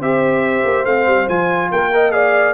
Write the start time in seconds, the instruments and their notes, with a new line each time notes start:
0.00 tuba C4, trombone G4, horn C5, trumpet E5
0.65 tuba A#3
0.85 tuba A3, trombone C4, trumpet F5
1.07 tuba G3
1.29 tuba F3, trombone F4, trumpet G#5
1.71 tuba A#3, horn A#4, trumpet G5
1.93 trombone A#4, horn D#5
2.12 trombone G#4, horn D5, trumpet F5